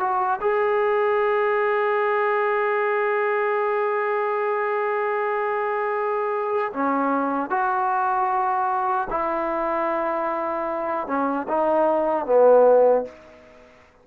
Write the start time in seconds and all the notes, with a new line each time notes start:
0.00 F#4
0.41 G#4
6.73 C#4
7.50 F#4
9.10 E4
11.07 C#4
11.48 D#4
12.26 B3